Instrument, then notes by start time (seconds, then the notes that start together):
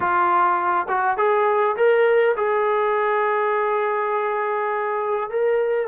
trombone
0.00 F4
0.88 F#4
1.17 G#4
1.76 A#4
2.36 G#4
5.29 A#4